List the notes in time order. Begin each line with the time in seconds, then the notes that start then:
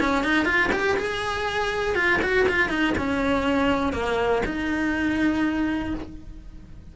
0.00 C#4
0.23 D#4
0.45 F4
0.72 G4
0.97 G#4
1.95 F4
2.22 F#4
2.48 F4
2.69 D#4
2.98 C#4
3.92 A#3
4.46 D#4